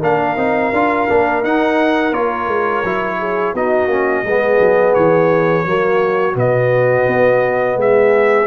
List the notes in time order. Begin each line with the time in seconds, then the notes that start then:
0.00 A#3 D4 A#4 F5
0.36 C4 D#4
0.73 D4 F4
1.09 A#3 D4
1.43 D#4 F#5
2.12 A#3 F4 C#5
2.47 G#3
2.84 F#3 E4
3.19 G#4
3.54 B3 D#4 F#4 D#5
3.87 A#3 C#4
4.24 G#3 B3 G#4
4.60 F#3
4.95 E3 C#5
5.65 F#3 A#3 F#4
6.34 B2 B3 D#5
7.08 B3
7.76 G#3 G#4 E5